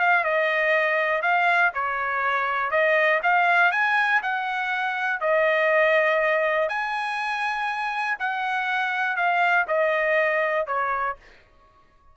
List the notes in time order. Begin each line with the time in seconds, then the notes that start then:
0.00 F5
0.24 D#5
1.22 F5
1.74 C#5
2.71 D#5
3.23 F5
3.72 G#5
4.23 F#5
5.21 D#5
6.69 G#5
8.20 F#5
9.16 F5
9.68 D#5
10.67 C#5